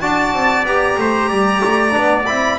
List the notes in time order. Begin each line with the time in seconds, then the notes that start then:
0.00 D4 F#4 D5 A5
0.33 C4
0.64 B3 G4 A#5
0.97 A3 C5
1.29 G3 D5
1.64 A3
1.90 D4
1.97 B3
2.25 C4 E4 B5